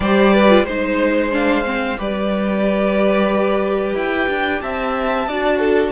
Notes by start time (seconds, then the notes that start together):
0.00 G3 G4 C5 D5
0.33 B4
0.48 F4
0.64 G#3 D#4 C5
1.31 D4 F5
1.65 C4
1.97 G3 G4 B4 D5
3.94 E4 G5
4.28 D4
4.61 C4 E5 A5
5.27 D4 F#4 D5
5.58 A4